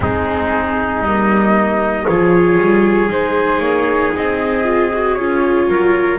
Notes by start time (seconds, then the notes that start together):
0.00 G#3 C4 D#4 G#4
1.02 G3 A#3 D#5
2.06 F3 F4 G#4 C#5
2.58 G3
3.09 G#3 D#4 C5
3.58 A#3 C#5
4.15 C4 D#5
4.63 F4
4.93 F#4
5.14 C#4 F4 C#5
5.68 F#3 A#4